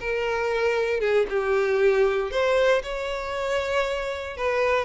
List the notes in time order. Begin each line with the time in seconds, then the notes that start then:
0.00 A#4
1.00 G#4
1.29 G4
2.31 C5
2.83 C#5
4.37 B4